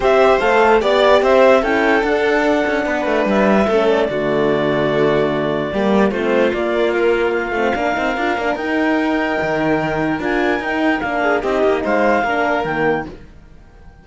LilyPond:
<<
  \new Staff \with { instrumentName = "clarinet" } { \time 4/4 \tempo 4 = 147 e''4 f''4 d''4 e''4 | g''4 fis''2. | e''4. d''2~ d''8~ | d''2. c''4 |
d''4 ais'4 f''2~ | f''4 g''2.~ | g''4 gis''4 g''4 f''4 | dis''4 f''2 g''4 | }
  \new Staff \with { instrumentName = "violin" } { \time 4/4 c''2 d''4 c''4 | a'2. b'4~ | b'4 a'4 fis'2~ | fis'2 g'4 f'4~ |
f'2. ais'4~ | ais'1~ | ais'2.~ ais'8 gis'8 | g'4 c''4 ais'2 | }
  \new Staff \with { instrumentName = "horn" } { \time 4/4 g'4 a'4 g'2 | e'4 d'2.~ | d'4 cis'4 a2~ | a2 ais4 c'4 |
ais2~ ais8 c'8 d'8 dis'8 | f'8 d'8 dis'2.~ | dis'4 f'4 dis'4 d'4 | dis'2 d'4 ais4 | }
  \new Staff \with { instrumentName = "cello" } { \time 4/4 c'4 a4 b4 c'4 | cis'4 d'4. cis'8 b8 a8 | g4 a4 d2~ | d2 g4 a4 |
ais2~ ais8 a8 ais8 c'8 | d'8 ais8 dis'2 dis4~ | dis4 d'4 dis'4 ais4 | c'8 ais8 gis4 ais4 dis4 | }
>>